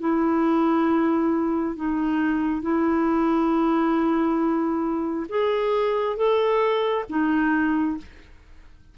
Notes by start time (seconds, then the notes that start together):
0.00 E4
1.76 D#4
2.62 E4
5.29 G#4
6.16 A4
7.09 D#4